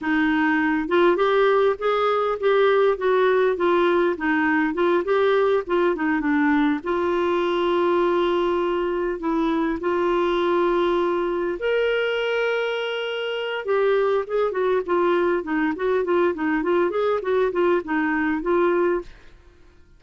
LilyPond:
\new Staff \with { instrumentName = "clarinet" } { \time 4/4 \tempo 4 = 101 dis'4. f'8 g'4 gis'4 | g'4 fis'4 f'4 dis'4 | f'8 g'4 f'8 dis'8 d'4 f'8~ | f'2.~ f'8 e'8~ |
e'8 f'2. ais'8~ | ais'2. g'4 | gis'8 fis'8 f'4 dis'8 fis'8 f'8 dis'8 | f'8 gis'8 fis'8 f'8 dis'4 f'4 | }